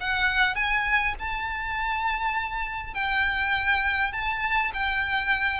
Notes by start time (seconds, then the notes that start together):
0.00 F#5
0.55 G#5
1.19 A5
2.94 G5
4.12 A5
4.73 G5